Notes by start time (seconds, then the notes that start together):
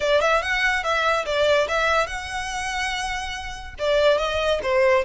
0.00 D5
0.21 E5
0.42 F#5
0.83 E5
1.25 D5
1.67 E5
2.06 F#5
3.79 D5
4.18 D#5
4.62 C5